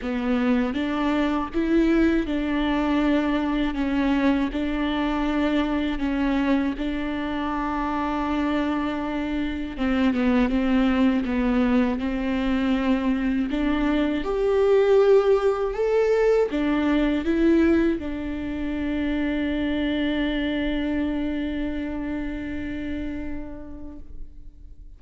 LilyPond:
\new Staff \with { instrumentName = "viola" } { \time 4/4 \tempo 4 = 80 b4 d'4 e'4 d'4~ | d'4 cis'4 d'2 | cis'4 d'2.~ | d'4 c'8 b8 c'4 b4 |
c'2 d'4 g'4~ | g'4 a'4 d'4 e'4 | d'1~ | d'1 | }